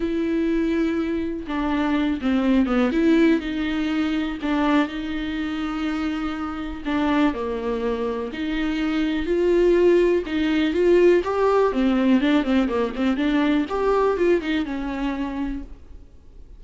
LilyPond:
\new Staff \with { instrumentName = "viola" } { \time 4/4 \tempo 4 = 123 e'2. d'4~ | d'8 c'4 b8 e'4 dis'4~ | dis'4 d'4 dis'2~ | dis'2 d'4 ais4~ |
ais4 dis'2 f'4~ | f'4 dis'4 f'4 g'4 | c'4 d'8 c'8 ais8 c'8 d'4 | g'4 f'8 dis'8 cis'2 | }